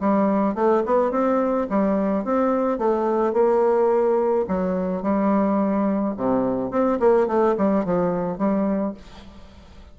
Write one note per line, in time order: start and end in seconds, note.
0.00 0.55 G3
0.55 0.83 A3
0.85 1.11 B3
1.11 1.67 C4
1.69 2.24 G3
2.24 2.78 C4
2.78 3.33 A3
3.33 4.45 A#3
4.48 5.02 F#3
5.02 6.14 G3
6.17 6.71 C3
6.71 6.99 C4
6.99 7.27 A#3
7.27 7.55 A3
7.58 7.85 G3
7.85 8.38 F3
8.38 8.94 G3